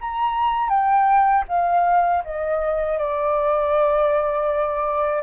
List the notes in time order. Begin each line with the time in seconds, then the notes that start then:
0.00 A#5
0.69 G5
1.48 F5
2.24 D#5
2.98 D5